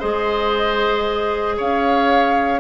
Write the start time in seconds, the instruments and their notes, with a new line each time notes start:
0.00 bassoon G#3, clarinet G#4, oboe C5, flute D#5
1.57 bassoon C#4, oboe C#5, flute F5